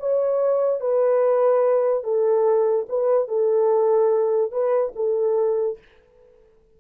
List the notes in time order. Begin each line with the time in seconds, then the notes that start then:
0.00 C#5
0.81 B4
2.04 A4
2.89 B4
3.29 A4
4.52 B4
4.96 A4